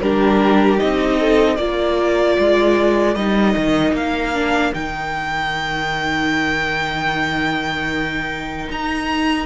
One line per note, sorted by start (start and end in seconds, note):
0.00 0.79 G3
0.00 0.78 D4
0.00 1.19 G4
0.00 0.79 A#4
0.78 1.58 C4
0.78 1.57 D#4
0.78 1.56 D#5
1.19 1.56 A4
1.56 2.37 A#3
1.56 3.16 F4
1.56 9.45 A#4
1.56 3.14 D5
2.38 3.15 G#3
3.14 3.55 G3
3.14 4.33 D#4
3.14 3.93 D#5
3.56 3.92 D#3
3.92 4.71 A#3
3.92 4.74 F5
4.33 4.73 D4
4.74 8.69 D#3
4.74 9.45 D#4
4.74 8.68 G5
8.69 9.45 D#4
8.69 9.45 A#5